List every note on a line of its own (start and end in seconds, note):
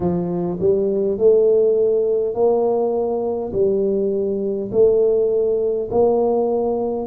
0.00 0.58 F3
0.59 1.18 G3
1.18 2.34 A3
2.34 3.51 A#3
3.52 4.70 G3
4.71 5.89 A3
5.90 7.06 A#3